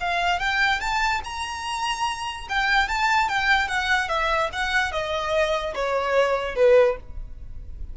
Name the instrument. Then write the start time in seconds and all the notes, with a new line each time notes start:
violin
0.00 F5
0.39 G5
0.80 A5
1.24 A#5
2.49 G5
2.88 A5
3.29 G5
3.68 F#5
4.09 E5
4.53 F#5
4.92 D#5
5.75 C#5
6.55 B4